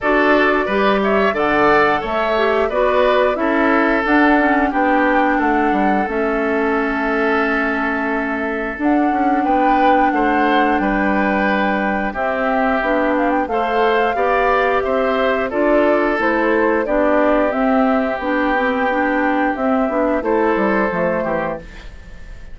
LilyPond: <<
  \new Staff \with { instrumentName = "flute" } { \time 4/4 \tempo 4 = 89 d''4. e''8 fis''4 e''4 | d''4 e''4 fis''4 g''4 | fis''4 e''2.~ | e''4 fis''4 g''4 fis''4 |
g''2 e''4. f''16 g''16 | f''2 e''4 d''4 | c''4 d''4 e''4 g''4~ | g''4 e''4 c''2 | }
  \new Staff \with { instrumentName = "oboe" } { \time 4/4 a'4 b'8 cis''8 d''4 cis''4 | b'4 a'2 g'4 | a'1~ | a'2 b'4 c''4 |
b'2 g'2 | c''4 d''4 c''4 a'4~ | a'4 g'2.~ | g'2 a'4. g'8 | }
  \new Staff \with { instrumentName = "clarinet" } { \time 4/4 fis'4 g'4 a'4. g'8 | fis'4 e'4 d'8 cis'8 d'4~ | d'4 cis'2.~ | cis'4 d'2.~ |
d'2 c'4 d'4 | a'4 g'2 f'4 | e'4 d'4 c'4 d'8 c'8 | d'4 c'8 d'8 e'4 a4 | }
  \new Staff \with { instrumentName = "bassoon" } { \time 4/4 d'4 g4 d4 a4 | b4 cis'4 d'4 b4 | a8 g8 a2.~ | a4 d'8 cis'8 b4 a4 |
g2 c'4 b4 | a4 b4 c'4 d'4 | a4 b4 c'4 b4~ | b4 c'8 b8 a8 g8 f8 e8 | }
>>